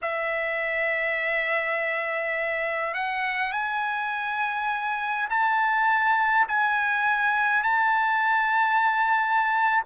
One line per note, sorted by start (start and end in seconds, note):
0.02 2.94 E5
2.94 3.51 F#5
3.51 5.28 G#5
5.29 6.47 A5
6.47 7.63 G#5
7.63 9.83 A5